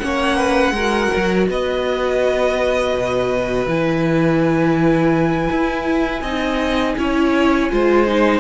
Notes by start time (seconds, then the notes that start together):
0.00 A#3 C#4 C#5 F#5
0.37 B4
0.72 G#3 F#4 A#4
1.16 F#3
1.49 B3 B4 D#5
2.94 B2
3.66 E3 E4 G#5
5.51 E4
6.22 C4 D#4 D#5
6.98 C#4 E4 C#5
7.71 G#3 F4 C5
8.07 D#4